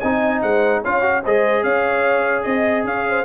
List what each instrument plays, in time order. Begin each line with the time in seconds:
0.00 tuba C4, trombone D#4, horn D#5, trumpet G#5
0.41 tuba G#3, horn C5, trumpet F#5
0.80 tuba C#4, trombone F4, horn C#5, trumpet F5
1.01 trombone F#4
1.23 tuba G#3, trombone G#4, horn C5, trumpet D#5
1.63 tuba C#4, horn C#5, trumpet F5
2.43 tuba C4, trumpet D#5, horn D#5
2.84 tuba C#4, horn C#5, trumpet F5
3.08 horn C5